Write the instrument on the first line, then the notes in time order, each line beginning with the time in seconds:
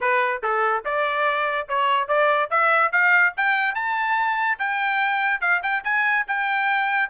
trumpet
0.00 B4
0.42 A4
0.84 D5
1.68 C#5
2.08 D5
2.50 E5
2.92 F5
3.37 G5
3.75 A5
4.59 G5
5.41 F5
5.62 G5
5.84 G#5
6.27 G5